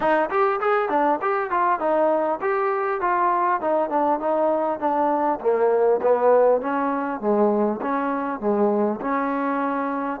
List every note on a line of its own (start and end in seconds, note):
0.00 0.29 D#4
0.29 0.59 G4
0.60 0.89 G#4
0.89 1.19 D4
1.21 1.50 G4
1.50 1.79 F4
1.79 2.39 D#4
2.41 3.00 G4
3.00 3.60 F4
3.61 3.89 D#4
3.89 4.19 D4
4.19 4.79 D#4
4.79 5.39 D4
5.40 6.00 A#3
6.02 6.61 B3
6.61 7.20 C#4
7.20 7.80 G#3
7.81 8.39 C#4
8.39 8.99 G#3
9.00 10.20 C#4